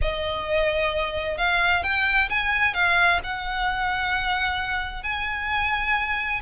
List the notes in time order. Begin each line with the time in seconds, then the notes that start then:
0.01 D#5
1.37 F5
1.83 G5
2.29 G#5
2.74 F5
3.23 F#5
5.03 G#5